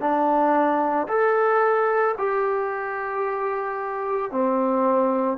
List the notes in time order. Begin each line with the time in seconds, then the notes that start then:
0.00 D4
1.08 A4
2.18 G4
4.31 C4